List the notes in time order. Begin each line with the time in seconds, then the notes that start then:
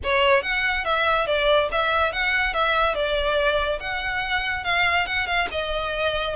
0.03 C#5
0.42 F#5
0.85 E5
1.26 D5
1.71 E5
2.12 F#5
2.53 E5
2.94 D5
3.80 F#5
4.64 F5
5.06 F#5
5.26 F5
5.51 D#5